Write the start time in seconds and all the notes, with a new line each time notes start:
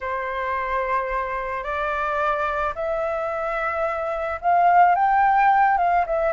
0.01 C5
1.63 D5
2.75 E5
4.41 F5
4.95 G5
5.77 F5
6.06 E5